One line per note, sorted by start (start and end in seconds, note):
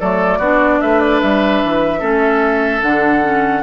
0.00 0.39 F#3
0.00 0.42 A3
0.00 0.38 A4
0.00 0.81 D5
0.38 0.79 B3
0.38 2.00 D4
0.38 0.79 F#4
0.81 1.22 A3
0.81 1.99 B4
0.81 0.99 E5
0.99 1.20 D5
1.21 1.63 G3
1.21 2.82 E5
1.64 2.02 E3
1.99 2.82 A3
1.99 2.81 C#4
1.99 3.62 A4
2.82 3.63 D3
2.82 3.22 D4
2.82 3.63 F#5
3.22 3.62 C#4